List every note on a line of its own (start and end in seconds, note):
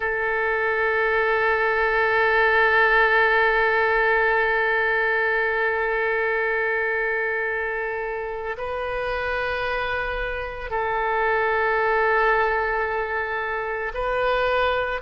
0.00 8.56 A4
8.57 10.70 B4
10.70 13.91 A4
13.94 15.01 B4